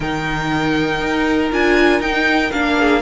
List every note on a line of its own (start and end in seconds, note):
0.00 1.01 D#3
0.00 1.51 D#4
0.00 2.78 A#4
0.00 1.51 G5
1.01 1.51 D#4
1.51 2.00 D4
1.51 2.01 F4
1.51 2.01 G#5
2.00 2.50 D#4
2.00 2.52 D#4
2.00 2.51 G5
2.51 3.01 A#3
2.51 3.01 D4
2.51 3.01 F5
2.78 3.01 G#4